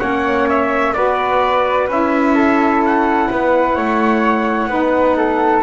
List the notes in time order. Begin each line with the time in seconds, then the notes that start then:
0.00 A#3 C#4 C#5 F#5
0.49 E5
0.94 B3 F#4 B4 D5
1.88 C#4 E4 E5
2.35 A4
2.86 F#5
3.30 B3 B4
3.75 A3 C#5
4.67 B3 D#4 B4
5.17 A4